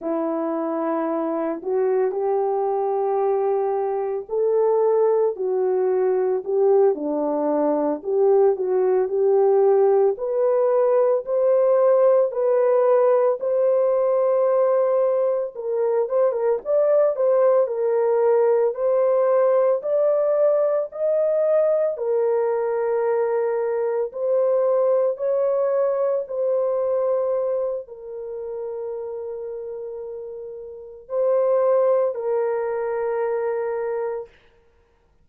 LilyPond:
\new Staff \with { instrumentName = "horn" } { \time 4/4 \tempo 4 = 56 e'4. fis'8 g'2 | a'4 fis'4 g'8 d'4 g'8 | fis'8 g'4 b'4 c''4 b'8~ | b'8 c''2 ais'8 c''16 ais'16 d''8 |
c''8 ais'4 c''4 d''4 dis''8~ | dis''8 ais'2 c''4 cis''8~ | cis''8 c''4. ais'2~ | ais'4 c''4 ais'2 | }